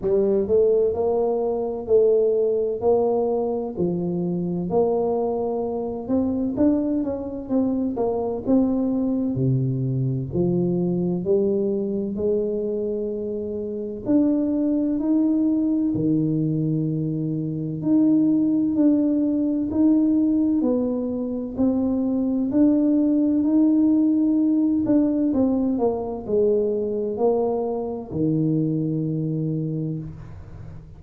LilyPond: \new Staff \with { instrumentName = "tuba" } { \time 4/4 \tempo 4 = 64 g8 a8 ais4 a4 ais4 | f4 ais4. c'8 d'8 cis'8 | c'8 ais8 c'4 c4 f4 | g4 gis2 d'4 |
dis'4 dis2 dis'4 | d'4 dis'4 b4 c'4 | d'4 dis'4. d'8 c'8 ais8 | gis4 ais4 dis2 | }